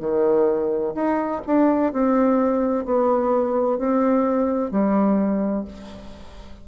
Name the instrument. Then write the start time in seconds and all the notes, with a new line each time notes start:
bassoon
0.00 D#3
0.95 D#4
1.47 D4
1.93 C4
2.85 B3
3.78 C4
4.71 G3